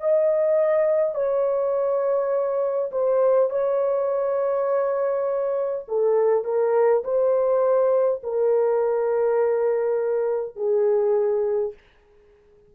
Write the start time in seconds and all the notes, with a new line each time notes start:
0.00 D#5
1.14 C#5
2.91 C5
3.50 C#5
5.88 A4
6.44 A#4
7.04 C5
8.23 A#4
10.56 G#4